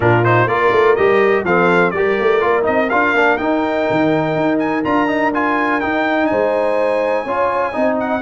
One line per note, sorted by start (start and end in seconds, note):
0.00 0.46 A#2
0.00 0.24 D4
0.00 0.49 F4
0.00 0.24 A#4
0.24 0.49 D#4
0.24 0.48 C5
0.46 0.70 A#3
0.46 0.97 F4
0.46 1.45 A#4
0.46 0.95 D5
0.71 0.96 A3
0.95 1.44 G3
0.95 1.46 G4
0.95 1.44 D#5
1.44 1.92 F3
1.44 1.94 C4
1.44 1.93 A4
1.44 1.91 F5
1.91 2.16 G3
1.91 2.40 G4
1.91 6.30 A#4
1.91 2.63 D5
2.19 2.43 A3
2.40 2.67 A#3
2.40 2.62 F4
2.62 2.91 C4
2.62 2.86 D#4
2.62 2.89 D#5
2.89 3.14 D4
2.89 3.15 F4
2.89 3.37 F5
3.14 3.38 A#3
3.14 3.38 D4
3.37 4.83 D#4
3.37 3.87 D#4
3.37 4.58 G5
3.89 4.35 D#3
4.35 4.84 D#4
4.59 4.83 G#5
4.84 5.82 D4
4.84 5.07 F4
4.84 5.32 A#5
5.07 5.32 D#4
5.34 5.81 F4
5.34 5.80 G#5
5.80 7.26 D#4
5.80 6.31 D#4
5.80 6.26 G5
6.26 7.25 G#3
6.26 7.24 C5
6.26 7.95 G#5
7.24 7.74 C#4
7.24 7.73 F4
7.24 7.72 C#5
7.72 8.22 C4
7.72 8.21 D#4
7.72 8.21 D#5
7.99 8.22 F#5